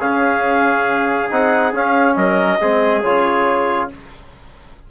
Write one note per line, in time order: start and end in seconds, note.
0.00 1.30 C#3
0.00 1.30 C#4
0.00 2.16 G#4
0.00 1.30 F5
1.30 1.73 C4
1.30 1.74 D#4
1.30 1.74 F#5
1.73 2.16 C#4
1.73 2.60 C#4
1.73 2.15 F5
2.15 2.60 F#3
2.15 2.61 A#4
2.15 3.02 D#5
2.60 3.04 G#3
2.60 3.04 C4
2.60 3.91 G#4
3.03 3.91 C#3
3.03 3.91 F4
3.03 3.89 C#5